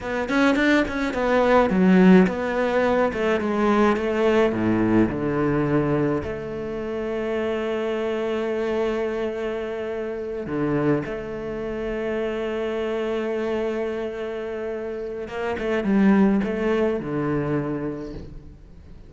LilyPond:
\new Staff \with { instrumentName = "cello" } { \time 4/4 \tempo 4 = 106 b8 cis'8 d'8 cis'8 b4 fis4 | b4. a8 gis4 a4 | a,4 d2 a4~ | a1~ |
a2~ a8 d4 a8~ | a1~ | a2. ais8 a8 | g4 a4 d2 | }